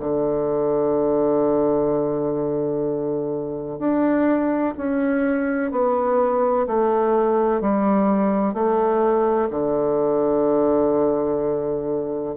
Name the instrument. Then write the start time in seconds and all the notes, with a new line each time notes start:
bassoon
0.00 D3
3.80 D4
4.77 C#4
5.72 B3
6.68 A3
7.61 G3
8.54 A3
9.51 D3